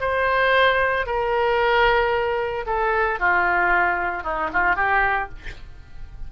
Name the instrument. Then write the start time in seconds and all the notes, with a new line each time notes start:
oboe
0.00 C5
1.06 A#4
2.66 A4
3.19 F4
4.23 D#4
4.53 F4
4.76 G4